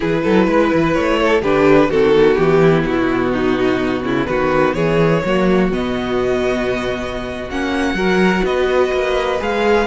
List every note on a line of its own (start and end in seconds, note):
0.00 0.25 E3
0.00 1.41 E4
0.00 0.22 G#4
0.00 0.93 B4
0.23 0.47 F#3
0.23 0.47 A4
0.47 0.70 G#3
0.47 1.19 B4
0.73 0.96 E3
0.93 1.42 A3
0.93 1.41 C#5
1.19 1.42 A4
1.42 1.89 D3
1.42 1.90 D4
1.42 1.89 G4
1.42 1.90 B4
1.89 2.37 D#3
1.89 2.14 C4
1.89 2.61 F#4
1.89 2.35 A4
2.14 5.24 B3
2.35 2.85 E3
2.35 2.83 G4
2.61 3.32 E4
2.85 4.02 B2
2.85 4.26 F#4
3.32 4.04 D#4
4.02 4.26 C#3
4.02 4.28 E4
4.26 4.75 D#3
4.26 4.75 F#4
4.26 4.73 B4
4.74 5.22 E3
4.74 5.22 G#4
4.74 5.69 C#5
5.24 5.71 F#3
5.24 5.72 A#3
5.24 7.96 F#4
5.71 7.49 B2
5.71 7.50 B3
5.71 7.50 D#5
7.49 7.94 A#3
7.49 7.96 C#4
7.49 8.45 F#5
7.94 8.41 F#3
7.94 9.38 F#4
7.94 8.44 A#4
8.43 8.91 B3
8.43 9.87 B4
8.43 9.40 D#5
8.92 9.40 A#3
9.38 9.87 G#3
9.38 9.86 G#4
9.38 9.87 F5